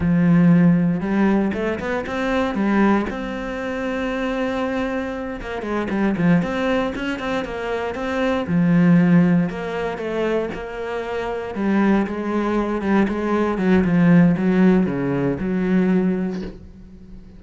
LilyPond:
\new Staff \with { instrumentName = "cello" } { \time 4/4 \tempo 4 = 117 f2 g4 a8 b8 | c'4 g4 c'2~ | c'2~ c'8 ais8 gis8 g8 | f8 c'4 cis'8 c'8 ais4 c'8~ |
c'8 f2 ais4 a8~ | a8 ais2 g4 gis8~ | gis4 g8 gis4 fis8 f4 | fis4 cis4 fis2 | }